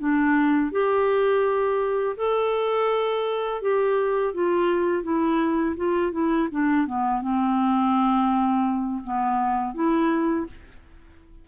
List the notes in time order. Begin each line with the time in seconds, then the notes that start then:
0.00 D4
0.72 G4
2.18 A4
3.62 G4
4.35 F4
5.04 E4
5.77 F4
6.12 E4
6.52 D4
6.87 B3
7.22 C4
9.04 B3
9.75 E4